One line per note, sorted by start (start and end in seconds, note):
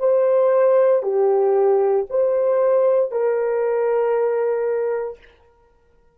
0.00 1.03 C5
1.03 2.06 G4
2.10 3.12 C5
3.12 5.19 A#4